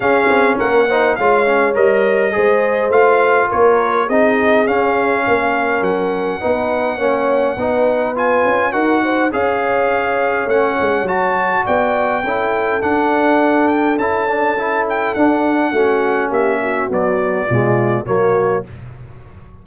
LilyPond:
<<
  \new Staff \with { instrumentName = "trumpet" } { \time 4/4 \tempo 4 = 103 f''4 fis''4 f''4 dis''4~ | dis''4 f''4 cis''4 dis''4 | f''2 fis''2~ | fis''2 gis''4 fis''4 |
f''2 fis''4 a''4 | g''2 fis''4. g''8 | a''4. g''8 fis''2 | e''4 d''2 cis''4 | }
  \new Staff \with { instrumentName = "horn" } { \time 4/4 gis'4 ais'8 c''8 cis''2 | c''2 ais'4 gis'4~ | gis'4 ais'2 b'4 | cis''4 b'2 ais'8 c''8 |
cis''1 | d''4 a'2.~ | a'2. fis'4 | g'8 fis'4. f'4 fis'4 | }
  \new Staff \with { instrumentName = "trombone" } { \time 4/4 cis'4. dis'8 f'8 cis'8 ais'4 | gis'4 f'2 dis'4 | cis'2. dis'4 | cis'4 dis'4 f'4 fis'4 |
gis'2 cis'4 fis'4~ | fis'4 e'4 d'2 | e'8 d'8 e'4 d'4 cis'4~ | cis'4 fis4 gis4 ais4 | }
  \new Staff \with { instrumentName = "tuba" } { \time 4/4 cis'8 c'8 ais4 gis4 g4 | gis4 a4 ais4 c'4 | cis'4 ais4 fis4 b4 | ais4 b4. cis'8 dis'4 |
cis'2 a8 gis8 fis4 | b4 cis'4 d'2 | cis'2 d'4 a4 | ais4 b4 b,4 fis4 | }
>>